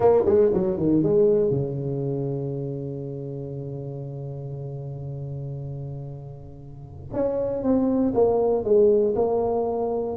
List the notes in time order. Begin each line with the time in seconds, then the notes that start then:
0.00 A#3
0.25 G#3
0.53 F#3
0.77 D#3
1.02 G#3
1.50 C#3
7.12 C#4
7.62 C4
8.14 A#3
8.64 G#3
9.15 A#3